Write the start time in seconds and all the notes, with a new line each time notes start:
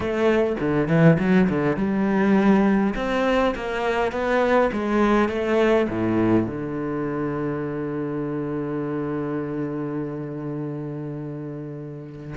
0.00 A3
0.60 D3
0.88 E3
1.19 F#3
1.49 D3
1.76 G3
2.95 C4
3.55 A#3
4.12 B3
4.72 G#3
5.29 A3
5.89 A2
6.46 D3